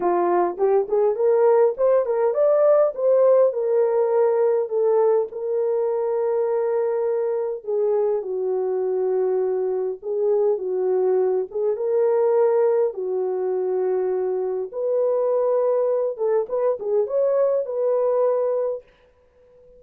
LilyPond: \new Staff \with { instrumentName = "horn" } { \time 4/4 \tempo 4 = 102 f'4 g'8 gis'8 ais'4 c''8 ais'8 | d''4 c''4 ais'2 | a'4 ais'2.~ | ais'4 gis'4 fis'2~ |
fis'4 gis'4 fis'4. gis'8 | ais'2 fis'2~ | fis'4 b'2~ b'8 a'8 | b'8 gis'8 cis''4 b'2 | }